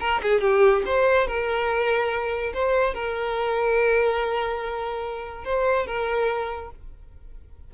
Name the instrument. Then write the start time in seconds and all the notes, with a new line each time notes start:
violin
0.00 A#4
0.22 G#4
0.41 G4
0.86 C5
1.27 A#4
2.54 C5
2.94 A#4
5.44 C5
5.86 A#4